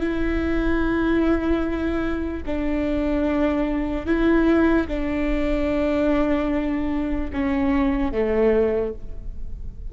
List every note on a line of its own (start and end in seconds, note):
0.00 2.43 E4
2.46 4.06 D4
4.06 4.87 E4
4.88 7.31 D4
7.33 8.12 C#4
8.12 8.93 A3